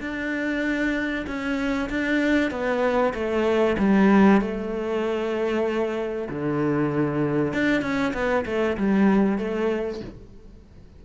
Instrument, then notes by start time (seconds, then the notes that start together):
cello
0.00 D4
1.26 C#4
1.89 D4
2.50 B3
3.13 A3
3.78 G3
4.41 A3
6.29 D3
7.53 D4
7.81 C#4
8.13 B3
8.45 A3
8.77 G3
9.38 A3